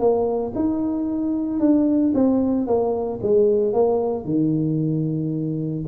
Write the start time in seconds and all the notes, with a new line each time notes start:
0.00 A#3
0.55 D#4
1.60 D4
2.15 C4
2.67 A#3
3.23 G#3
3.73 A#3
4.25 D#3